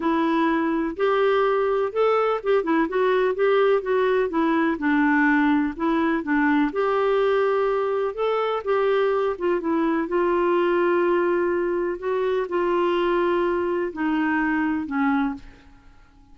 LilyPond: \new Staff \with { instrumentName = "clarinet" } { \time 4/4 \tempo 4 = 125 e'2 g'2 | a'4 g'8 e'8 fis'4 g'4 | fis'4 e'4 d'2 | e'4 d'4 g'2~ |
g'4 a'4 g'4. f'8 | e'4 f'2.~ | f'4 fis'4 f'2~ | f'4 dis'2 cis'4 | }